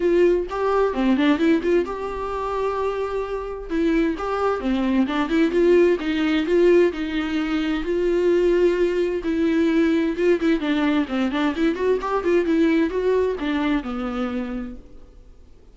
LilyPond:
\new Staff \with { instrumentName = "viola" } { \time 4/4 \tempo 4 = 130 f'4 g'4 c'8 d'8 e'8 f'8 | g'1 | e'4 g'4 c'4 d'8 e'8 | f'4 dis'4 f'4 dis'4~ |
dis'4 f'2. | e'2 f'8 e'8 d'4 | c'8 d'8 e'8 fis'8 g'8 f'8 e'4 | fis'4 d'4 b2 | }